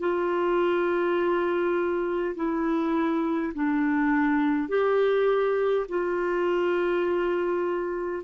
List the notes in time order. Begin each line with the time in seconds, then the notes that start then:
0.00 F4
2.35 E4
3.54 D4
4.68 G4
5.88 F4